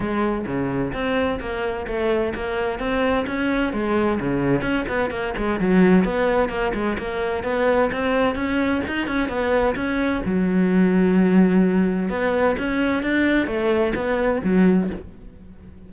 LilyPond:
\new Staff \with { instrumentName = "cello" } { \time 4/4 \tempo 4 = 129 gis4 cis4 c'4 ais4 | a4 ais4 c'4 cis'4 | gis4 cis4 cis'8 b8 ais8 gis8 | fis4 b4 ais8 gis8 ais4 |
b4 c'4 cis'4 dis'8 cis'8 | b4 cis'4 fis2~ | fis2 b4 cis'4 | d'4 a4 b4 fis4 | }